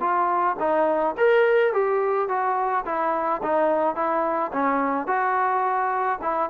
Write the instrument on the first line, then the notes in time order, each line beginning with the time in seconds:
trombone
0.00 F4
0.59 D#4
1.17 A#4
1.73 G4
2.28 F#4
2.85 E4
3.43 D#4
3.95 E4
4.53 C#4
5.07 F#4
6.22 E4